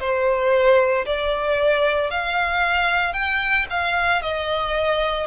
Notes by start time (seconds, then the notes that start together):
0.00 C5
1.06 D5
2.11 F5
3.13 G5
3.70 F5
4.22 D#5